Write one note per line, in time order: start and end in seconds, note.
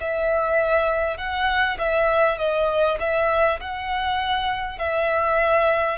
0.00 1.17 E5
1.17 1.77 F#5
1.78 2.38 E5
2.38 2.98 D#5
3.00 3.60 E5
3.60 4.78 F#5
4.78 5.98 E5